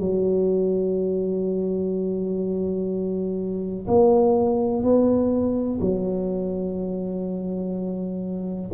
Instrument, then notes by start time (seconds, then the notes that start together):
tuba
0.00 F#3
3.88 A#3
4.83 B3
5.81 F#3